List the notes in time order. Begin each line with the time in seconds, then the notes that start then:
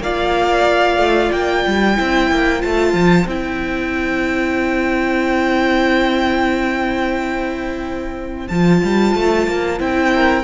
0.00 A#3 F4 D5 F5
0.97 A3
1.32 A#3 G5
1.67 G3
1.96 C4 E4 C5
2.31 A#3
2.60 A3 F4 A5
2.94 F3
3.27 C4 E4 G5
8.48 F3 F4 A5
8.84 G3
9.16 A3
9.48 A#3
9.79 C4 E4 G5
10.15 A#4